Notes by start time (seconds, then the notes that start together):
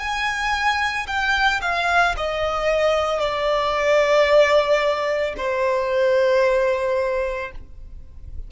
0.00 G#5
1.08 G5
1.62 F5
2.18 D#5
3.20 D5
5.38 C5